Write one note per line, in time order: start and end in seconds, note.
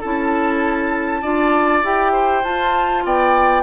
0.00 1.23 C#4
0.00 1.23 E4
0.00 1.21 A4
0.00 1.84 A5
1.22 1.83 D4
1.22 1.83 F4
1.22 2.12 D5
1.83 2.44 E4
1.83 2.43 G4
1.83 2.44 G5
2.12 3.03 C5
2.43 3.63 F4
2.43 3.04 F4
2.43 3.05 A5
3.04 3.63 B3
3.04 3.63 D5
3.04 3.63 G5